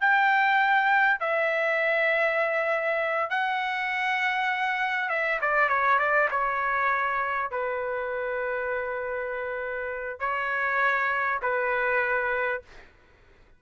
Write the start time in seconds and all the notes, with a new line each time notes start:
0.00 G5
1.19 E5
3.29 F#5
5.09 E5
5.41 D5
5.68 C#5
5.98 D5
6.30 C#5
7.51 B4
10.19 C#5
11.42 B4